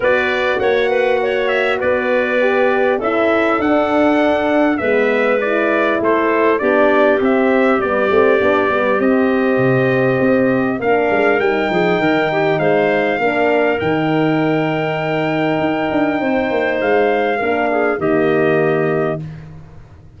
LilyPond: <<
  \new Staff \with { instrumentName = "trumpet" } { \time 4/4 \tempo 4 = 100 d''4 fis''4. e''8 d''4~ | d''4 e''4 fis''2 | e''4 d''4 c''4 d''4 | e''4 d''2 dis''4~ |
dis''2 f''4 g''4~ | g''4 f''2 g''4~ | g''1 | f''2 dis''2 | }
  \new Staff \with { instrumentName = "clarinet" } { \time 4/4 b'4 cis''8 b'8 cis''4 b'4~ | b'4 a'2. | b'2 a'4 g'4~ | g'1~ |
g'2 ais'4. gis'8 | ais'8 g'8 c''4 ais'2~ | ais'2. c''4~ | c''4 ais'8 gis'8 g'2 | }
  \new Staff \with { instrumentName = "horn" } { \time 4/4 fis'1 | g'4 e'4 d'2 | b4 e'2 d'4 | c'4 b8 c'8 d'8 b8 c'4~ |
c'2 d'4 dis'4~ | dis'2 d'4 dis'4~ | dis'1~ | dis'4 d'4 ais2 | }
  \new Staff \with { instrumentName = "tuba" } { \time 4/4 b4 ais2 b4~ | b4 cis'4 d'2 | gis2 a4 b4 | c'4 g8 a8 b8 g8 c'4 |
c4 c'4 ais8 gis8 g8 f8 | dis4 gis4 ais4 dis4~ | dis2 dis'8 d'8 c'8 ais8 | gis4 ais4 dis2 | }
>>